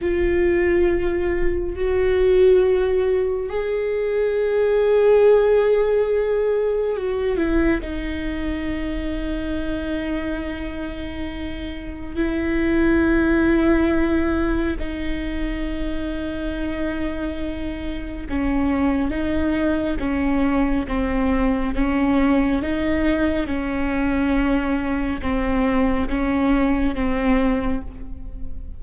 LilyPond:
\new Staff \with { instrumentName = "viola" } { \time 4/4 \tempo 4 = 69 f'2 fis'2 | gis'1 | fis'8 e'8 dis'2.~ | dis'2 e'2~ |
e'4 dis'2.~ | dis'4 cis'4 dis'4 cis'4 | c'4 cis'4 dis'4 cis'4~ | cis'4 c'4 cis'4 c'4 | }